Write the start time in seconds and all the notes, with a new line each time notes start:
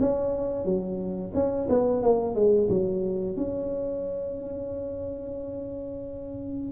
0.00 C#4
0.65 F#3
1.34 C#4
1.69 B3
2.03 A#3
2.35 G#3
2.69 F#3
3.36 C#4